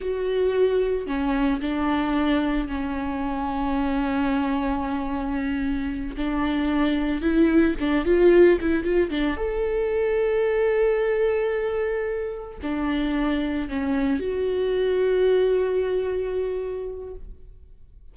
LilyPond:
\new Staff \with { instrumentName = "viola" } { \time 4/4 \tempo 4 = 112 fis'2 cis'4 d'4~ | d'4 cis'2.~ | cis'2.~ cis'8 d'8~ | d'4. e'4 d'8 f'4 |
e'8 f'8 d'8 a'2~ a'8~ | a'2.~ a'8 d'8~ | d'4. cis'4 fis'4.~ | fis'1 | }